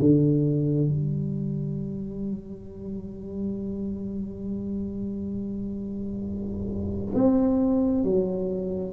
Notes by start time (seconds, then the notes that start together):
0.00 D3
0.89 G3
7.15 C4
8.04 F#3